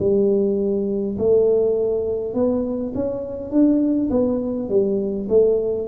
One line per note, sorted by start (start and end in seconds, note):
0.00 1.18 G3
1.19 2.34 A3
2.34 2.93 B3
2.95 3.51 C#4
3.51 4.10 D4
4.11 4.69 B3
4.69 5.28 G3
5.29 5.88 A3